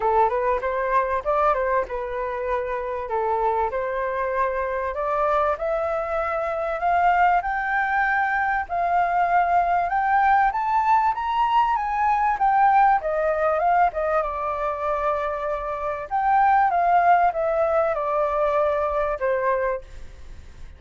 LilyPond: \new Staff \with { instrumentName = "flute" } { \time 4/4 \tempo 4 = 97 a'8 b'8 c''4 d''8 c''8 b'4~ | b'4 a'4 c''2 | d''4 e''2 f''4 | g''2 f''2 |
g''4 a''4 ais''4 gis''4 | g''4 dis''4 f''8 dis''8 d''4~ | d''2 g''4 f''4 | e''4 d''2 c''4 | }